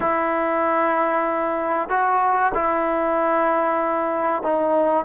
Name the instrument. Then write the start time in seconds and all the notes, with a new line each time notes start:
trombone
0.00 E4
1.89 F#4
2.54 E4
4.42 D#4